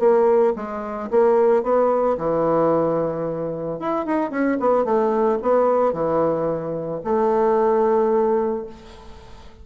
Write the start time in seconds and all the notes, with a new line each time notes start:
0.00 A#3
0.56 G#3
1.11 A#3
1.63 B3
2.18 E3
3.80 E4
4.06 D#4
4.31 C#4
4.60 B3
4.85 A3
5.43 B3
5.93 E3
7.05 A3